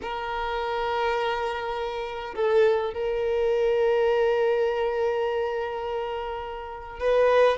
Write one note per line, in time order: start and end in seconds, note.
0.02 2.35 A#4
2.35 2.93 A4
2.93 6.99 A#4
6.99 7.57 B4